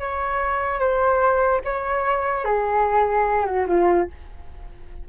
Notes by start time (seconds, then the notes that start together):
0.00 C#5
0.80 C5
1.65 C#5
2.45 G#4
3.46 F#4
3.68 F4